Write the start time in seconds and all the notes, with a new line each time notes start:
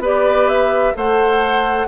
0.00 B3 G4 B4 D5
0.49 E5
0.95 A3 A4 C5 F#5